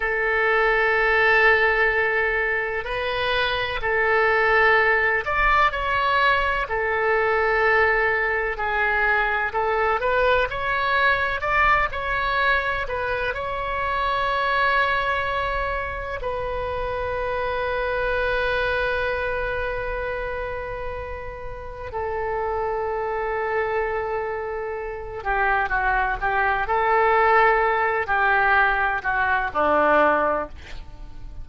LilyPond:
\new Staff \with { instrumentName = "oboe" } { \time 4/4 \tempo 4 = 63 a'2. b'4 | a'4. d''8 cis''4 a'4~ | a'4 gis'4 a'8 b'8 cis''4 | d''8 cis''4 b'8 cis''2~ |
cis''4 b'2.~ | b'2. a'4~ | a'2~ a'8 g'8 fis'8 g'8 | a'4. g'4 fis'8 d'4 | }